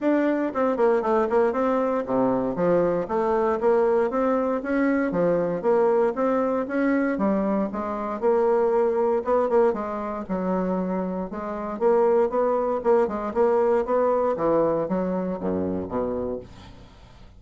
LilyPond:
\new Staff \with { instrumentName = "bassoon" } { \time 4/4 \tempo 4 = 117 d'4 c'8 ais8 a8 ais8 c'4 | c4 f4 a4 ais4 | c'4 cis'4 f4 ais4 | c'4 cis'4 g4 gis4 |
ais2 b8 ais8 gis4 | fis2 gis4 ais4 | b4 ais8 gis8 ais4 b4 | e4 fis4 fis,4 b,4 | }